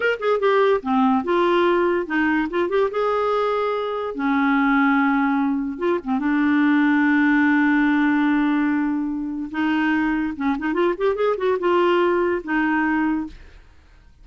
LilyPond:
\new Staff \with { instrumentName = "clarinet" } { \time 4/4 \tempo 4 = 145 ais'8 gis'8 g'4 c'4 f'4~ | f'4 dis'4 f'8 g'8 gis'4~ | gis'2 cis'2~ | cis'2 f'8 c'8 d'4~ |
d'1~ | d'2. dis'4~ | dis'4 cis'8 dis'8 f'8 g'8 gis'8 fis'8 | f'2 dis'2 | }